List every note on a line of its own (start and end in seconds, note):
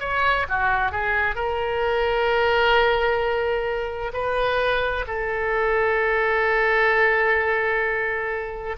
0.00 0.46 C#5
0.48 0.91 F#4
0.91 1.35 G#4
1.35 4.12 A#4
4.13 5.05 B4
5.07 8.77 A4